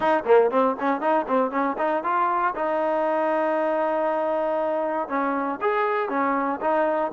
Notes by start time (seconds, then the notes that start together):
0.00 D#4
0.25 A#3
0.50 C4
0.79 C#4
1.00 D#4
1.27 C4
1.50 C#4
1.78 D#4
2.03 F4
2.55 D#4
5.08 C#4
5.61 G#4
6.09 C#4
6.61 D#4